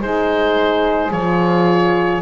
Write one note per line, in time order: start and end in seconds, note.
0.00 1.11 G#3
0.00 1.11 D#4
0.00 2.22 G#4
0.00 1.12 C5
1.11 2.22 F3
1.11 2.22 F4
1.11 2.22 C#5